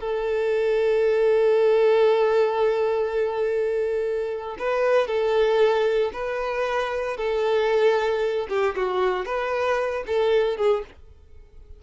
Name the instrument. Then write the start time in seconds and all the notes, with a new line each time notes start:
violin
0.00 A4
4.58 B4
5.07 A4
6.13 B4
7.16 A4
8.49 G4
8.75 F#4
9.25 B4
10.06 A4
10.57 G#4